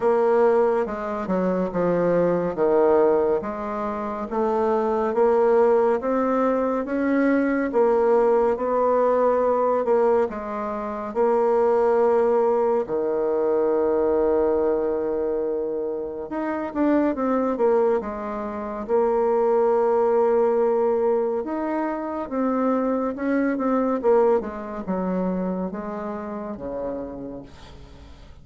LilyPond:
\new Staff \with { instrumentName = "bassoon" } { \time 4/4 \tempo 4 = 70 ais4 gis8 fis8 f4 dis4 | gis4 a4 ais4 c'4 | cis'4 ais4 b4. ais8 | gis4 ais2 dis4~ |
dis2. dis'8 d'8 | c'8 ais8 gis4 ais2~ | ais4 dis'4 c'4 cis'8 c'8 | ais8 gis8 fis4 gis4 cis4 | }